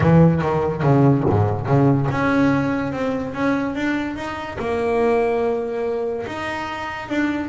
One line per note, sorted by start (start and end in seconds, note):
0.00 0.42 E3
0.42 0.82 D#3
0.82 1.24 C#3
1.29 1.66 G#2
1.66 2.08 C#3
2.10 2.92 C#4
2.92 3.33 C4
3.33 3.75 C#4
3.75 4.16 D4
4.16 4.57 D#4
4.58 6.25 A#3
6.26 7.09 D#4
7.09 7.49 D4